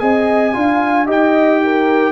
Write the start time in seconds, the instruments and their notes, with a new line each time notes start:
0.00 tuba C4, trombone G#4, horn D#5, trumpet G#5
0.54 tuba D4, trombone F4, horn F5
1.06 tuba D#4, trombone G4, horn D#5, trumpet G5
1.64 horn A#4